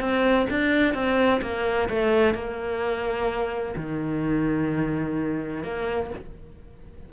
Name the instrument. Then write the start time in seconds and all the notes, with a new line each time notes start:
cello
0.00 C4
0.50 D4
0.94 C4
1.42 A#3
1.89 A3
2.34 A#3
3.76 D#3
5.64 A#3